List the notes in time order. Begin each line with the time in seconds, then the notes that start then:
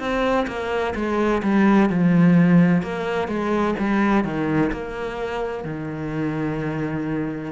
0.00 C4
0.48 A#3
0.95 G#3
1.43 G3
1.90 F3
2.83 A#3
3.29 G#3
3.80 G3
4.25 D#3
4.73 A#3
5.65 D#3